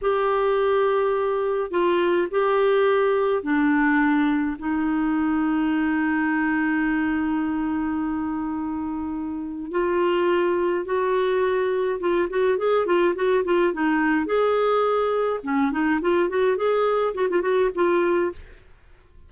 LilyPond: \new Staff \with { instrumentName = "clarinet" } { \time 4/4 \tempo 4 = 105 g'2. f'4 | g'2 d'2 | dis'1~ | dis'1~ |
dis'4 f'2 fis'4~ | fis'4 f'8 fis'8 gis'8 f'8 fis'8 f'8 | dis'4 gis'2 cis'8 dis'8 | f'8 fis'8 gis'4 fis'16 f'16 fis'8 f'4 | }